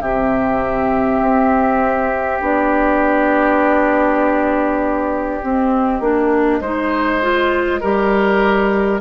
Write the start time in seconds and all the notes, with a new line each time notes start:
0.00 C3 C4 G4 E5
1.20 C4
2.41 B3 D4 D5
5.42 C4 D#5
6.00 A#3 D4
6.60 G#3 D#4 C5
7.21 F4
7.80 G3 G4 A#4